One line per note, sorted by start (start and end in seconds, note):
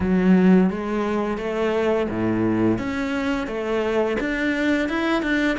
0.00 0.69 F#3
0.69 1.37 G#3
1.37 2.07 A3
2.09 2.78 A2
2.78 3.47 C#4
3.47 4.17 A3
4.20 4.88 D4
4.88 5.22 E4
5.22 5.57 D4